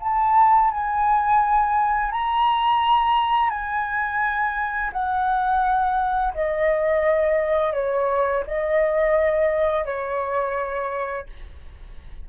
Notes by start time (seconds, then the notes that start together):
0.00 A5
0.71 G#5
2.11 A#5
3.50 G#5
4.92 F#5
6.34 D#5
7.73 C#5
8.47 D#5
9.85 C#5